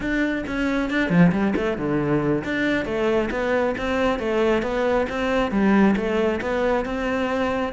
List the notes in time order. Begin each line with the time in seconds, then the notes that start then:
0.00 D4
0.47 C#4
0.89 D4
1.09 F3
1.31 G3
1.56 A3
1.77 D3
2.44 D4
2.85 A3
3.30 B3
3.77 C4
4.19 A3
4.62 B3
5.09 C4
5.51 G3
5.96 A3
6.41 B3
6.85 C4